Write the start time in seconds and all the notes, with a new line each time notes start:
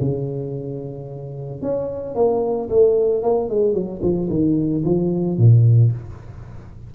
0.00 C#3
1.62 C#4
2.15 A#3
2.69 A3
3.23 A#3
3.49 G#3
3.74 F#3
4.02 F3
4.30 D#3
4.84 F3
5.38 A#2